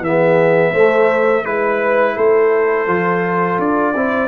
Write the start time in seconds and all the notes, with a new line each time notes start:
0.00 E3 B3 E5
0.06 G#4
0.72 A3 C5
1.44 G#3 E4 B4
2.16 A3 A4 C5
2.87 F3 F4
3.58 D4 D5
3.94 C4 E4 C5